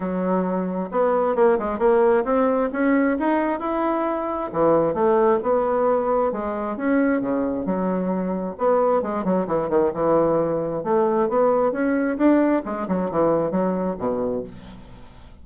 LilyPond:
\new Staff \with { instrumentName = "bassoon" } { \time 4/4 \tempo 4 = 133 fis2 b4 ais8 gis8 | ais4 c'4 cis'4 dis'4 | e'2 e4 a4 | b2 gis4 cis'4 |
cis4 fis2 b4 | gis8 fis8 e8 dis8 e2 | a4 b4 cis'4 d'4 | gis8 fis8 e4 fis4 b,4 | }